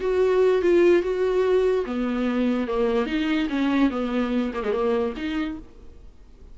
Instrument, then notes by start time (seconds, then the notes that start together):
viola
0.00 F#4
0.62 F4
1.02 F#4
1.86 B3
2.67 A#3
3.06 D#4
3.49 C#4
3.90 B3
4.53 A#3
4.63 G#3
4.72 A#3
5.16 D#4